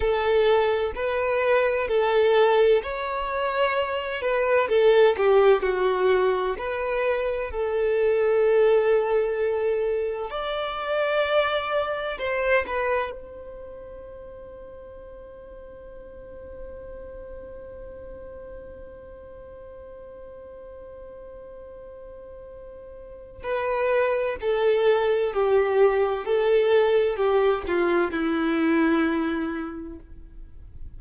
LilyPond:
\new Staff \with { instrumentName = "violin" } { \time 4/4 \tempo 4 = 64 a'4 b'4 a'4 cis''4~ | cis''8 b'8 a'8 g'8 fis'4 b'4 | a'2. d''4~ | d''4 c''8 b'8 c''2~ |
c''1~ | c''1~ | c''4 b'4 a'4 g'4 | a'4 g'8 f'8 e'2 | }